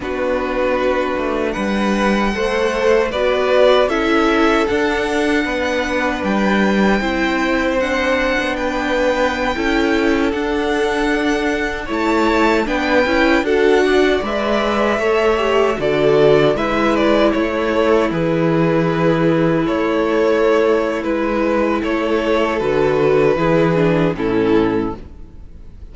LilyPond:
<<
  \new Staff \with { instrumentName = "violin" } { \time 4/4 \tempo 4 = 77 b'2 fis''2 | d''4 e''4 fis''2 | g''2 fis''4 g''4~ | g''4~ g''16 fis''2 a''8.~ |
a''16 g''4 fis''4 e''4.~ e''16~ | e''16 d''4 e''8 d''8 cis''4 b'8.~ | b'4~ b'16 cis''4.~ cis''16 b'4 | cis''4 b'2 a'4 | }
  \new Staff \with { instrumentName = "violin" } { \time 4/4 fis'2 b'4 c''4 | b'4 a'2 b'4~ | b'4 c''2 b'4~ | b'16 a'2. cis''8.~ |
cis''16 b'4 a'8 d''4. cis''8.~ | cis''16 a'4 b'4 e'4.~ e'16~ | e'1 | a'2 gis'4 e'4 | }
  \new Staff \with { instrumentName = "viola" } { \time 4/4 d'2. a'4 | fis'4 e'4 d'2~ | d'4 e'4 d'2~ | d'16 e'4 d'2 e'8.~ |
e'16 d'8 e'8 fis'4 b'4 a'8 g'16~ | g'16 fis'4 e'4. a'8 gis'8.~ | gis'4~ gis'16 a'4.~ a'16 e'4~ | e'4 fis'4 e'8 d'8 cis'4 | }
  \new Staff \with { instrumentName = "cello" } { \time 4/4 b4. a8 g4 a4 | b4 cis'4 d'4 b4 | g4 c'4.~ c'16 b4~ b16~ | b16 cis'4 d'2 a8.~ |
a16 b8 cis'8 d'4 gis4 a8.~ | a16 d4 gis4 a4 e8.~ | e4~ e16 a4.~ a16 gis4 | a4 d4 e4 a,4 | }
>>